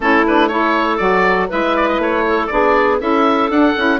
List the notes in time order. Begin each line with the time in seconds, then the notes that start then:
0.00 A3 C#4 E4 A4
0.26 D4 B4
0.47 E4 A4 C#5
0.97 F#3 F#4 D5
1.48 G#3 E4 B4 E5
1.76 D5
1.88 D#5
1.98 A3 C#5
2.28 A4
2.46 B3 D4 G#4 D5
2.99 C#4 E4 A4 E5
3.50 D4 F#5
3.77 C#4 E4